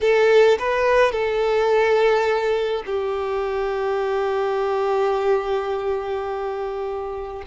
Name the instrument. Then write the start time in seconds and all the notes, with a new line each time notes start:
violin
0.01 A4
0.59 B4
1.11 A4
2.86 G4